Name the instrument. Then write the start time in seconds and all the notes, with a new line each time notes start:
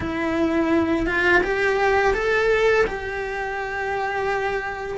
cello
0.00 E4
1.06 F4
1.43 G4
2.14 A4
2.86 G4